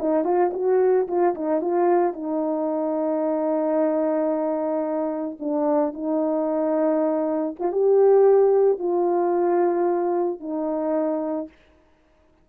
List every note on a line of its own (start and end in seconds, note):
0.00 0.25 D#4
0.25 0.52 F4
0.54 1.08 F#4
1.08 1.35 F4
1.35 1.62 D#4
1.62 2.14 F4
2.14 5.38 D#4
5.40 5.94 D4
5.94 7.56 D#4
7.60 7.72 F4
7.72 8.80 G4
8.80 10.41 F4
10.41 11.49 D#4